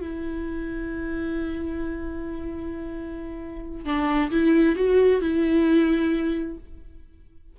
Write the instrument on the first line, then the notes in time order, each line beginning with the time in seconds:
viola
0.00 E4
3.85 D4
4.31 E4
4.76 F#4
5.21 E4